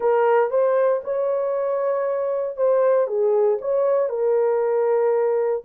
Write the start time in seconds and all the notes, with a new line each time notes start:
0.00 A#4
0.50 C5
1.04 C#5
2.56 C5
3.07 G#4
3.61 C#5
4.09 A#4